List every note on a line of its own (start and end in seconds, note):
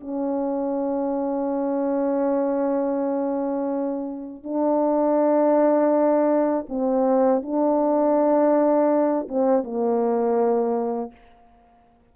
0.00 4.43 C#4
4.43 6.65 D4
6.69 7.42 C4
7.42 9.27 D4
9.28 9.63 C4
9.63 11.11 A#3